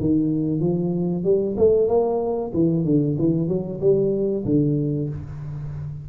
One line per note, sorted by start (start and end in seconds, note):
0.00 0.60 D#3
0.60 1.24 F3
1.24 1.56 G3
1.57 1.88 A3
1.88 2.52 A#3
2.54 2.85 E3
2.85 3.17 D3
3.18 3.48 E3
3.48 3.80 F#3
3.80 4.44 G3
4.45 5.09 D3